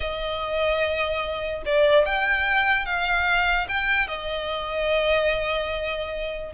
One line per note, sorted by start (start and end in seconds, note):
0.00 1.62 D#5
1.65 2.05 D5
2.05 2.85 G5
2.85 3.67 F5
3.68 4.07 G5
4.07 6.52 D#5